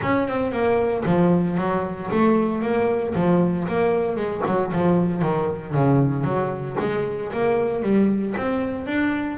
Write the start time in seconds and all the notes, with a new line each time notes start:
0.02 C#4
0.28 C4
0.51 A#3
1.05 F3
1.57 F#3
2.11 A3
2.62 A#3
3.14 F3
3.68 A#3
4.16 G#3
4.46 F#3
4.72 F3
5.22 D#3
5.74 C#3
6.24 F#3
6.79 G#3
7.33 A#3
7.82 G3
8.37 C4
8.86 D4